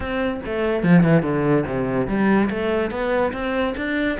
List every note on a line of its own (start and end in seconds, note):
0.00 0.40 C4
0.45 0.83 A3
0.83 1.03 F3
1.03 1.22 E3
1.22 1.64 D3
1.66 2.07 C3
2.07 2.49 G3
2.50 2.90 A3
2.90 3.32 B3
3.32 3.74 C4
3.76 4.18 D4